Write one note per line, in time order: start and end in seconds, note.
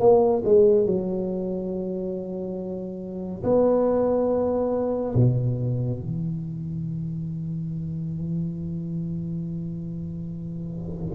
0.00 0.43 A#3
0.45 0.86 G#3
0.86 3.43 F#3
3.44 5.15 B3
5.15 6.00 B2
6.00 11.15 E3